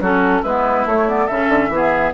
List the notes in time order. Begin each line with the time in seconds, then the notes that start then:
0.00 F#3 C#4 F#4 A4
0.42 G#3 B3 E4 B4
0.85 A3 C#5
1.08 B3 D5
1.26 C#3 C#4 A4 E5
1.49 D3
1.69 E3 B3
1.75 G#4